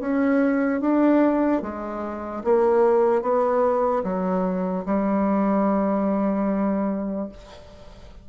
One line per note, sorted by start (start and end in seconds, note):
0.00 0.81 C#4
0.81 1.62 D4
1.62 2.43 G#3
2.44 3.22 A#3
3.22 4.03 B3
4.04 4.85 F#3
4.86 7.29 G3